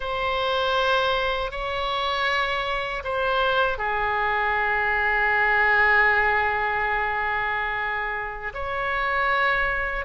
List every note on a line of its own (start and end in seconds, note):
0.00 1.51 C5
1.51 3.02 C#5
3.04 3.78 C5
3.78 8.52 G#4
8.53 10.05 C#5